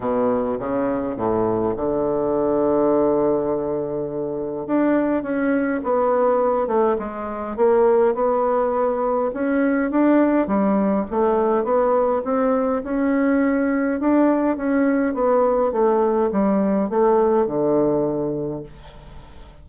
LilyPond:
\new Staff \with { instrumentName = "bassoon" } { \time 4/4 \tempo 4 = 103 b,4 cis4 a,4 d4~ | d1 | d'4 cis'4 b4. a8 | gis4 ais4 b2 |
cis'4 d'4 g4 a4 | b4 c'4 cis'2 | d'4 cis'4 b4 a4 | g4 a4 d2 | }